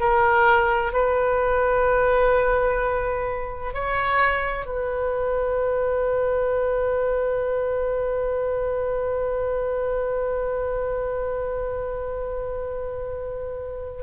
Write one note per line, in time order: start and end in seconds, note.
0.00 0.93 A#4
0.93 3.74 B4
3.74 4.66 C#5
4.66 14.03 B4